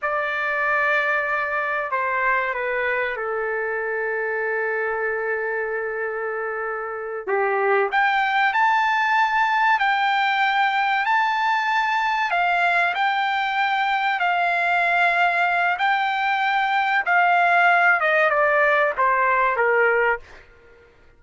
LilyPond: \new Staff \with { instrumentName = "trumpet" } { \time 4/4 \tempo 4 = 95 d''2. c''4 | b'4 a'2.~ | a'2.~ a'8 g'8~ | g'8 g''4 a''2 g''8~ |
g''4. a''2 f''8~ | f''8 g''2 f''4.~ | f''4 g''2 f''4~ | f''8 dis''8 d''4 c''4 ais'4 | }